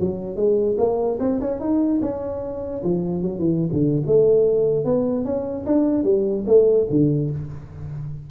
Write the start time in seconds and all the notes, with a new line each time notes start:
0.00 F#3
0.36 G#3
0.78 A#3
1.20 C4
1.41 C#4
1.60 D#4
2.01 C#4
2.84 F3
3.22 F#3
3.39 E3
3.72 D3
4.06 A3
4.85 B3
5.25 C#4
5.66 D4
6.04 G3
6.47 A3
6.90 D3